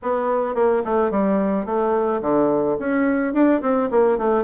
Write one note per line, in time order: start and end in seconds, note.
0.02 0.54 B3
0.54 0.82 A#3
0.85 1.10 A3
1.10 1.65 G3
1.65 2.21 A3
2.21 2.77 D3
2.79 3.33 C#4
3.33 3.61 D4
3.61 3.89 C4
3.90 4.17 A#3
4.17 4.44 A3